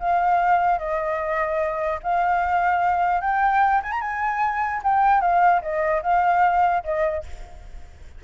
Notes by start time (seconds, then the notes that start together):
0.00 F5
0.79 D#5
2.03 F5
3.21 G5
3.83 G#5
3.92 A#5
4.01 G#5
4.84 G5
5.21 F5
5.62 D#5
6.03 F5
6.84 D#5